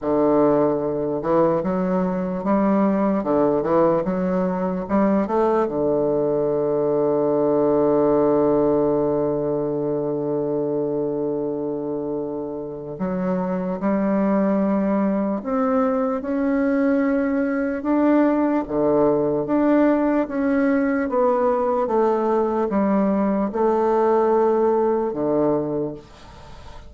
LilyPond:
\new Staff \with { instrumentName = "bassoon" } { \time 4/4 \tempo 4 = 74 d4. e8 fis4 g4 | d8 e8 fis4 g8 a8 d4~ | d1~ | d1 |
fis4 g2 c'4 | cis'2 d'4 d4 | d'4 cis'4 b4 a4 | g4 a2 d4 | }